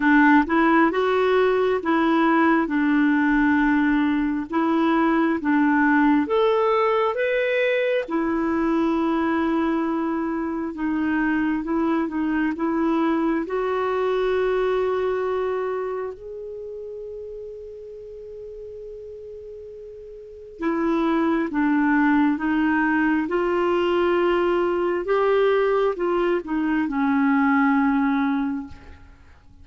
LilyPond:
\new Staff \with { instrumentName = "clarinet" } { \time 4/4 \tempo 4 = 67 d'8 e'8 fis'4 e'4 d'4~ | d'4 e'4 d'4 a'4 | b'4 e'2. | dis'4 e'8 dis'8 e'4 fis'4~ |
fis'2 gis'2~ | gis'2. e'4 | d'4 dis'4 f'2 | g'4 f'8 dis'8 cis'2 | }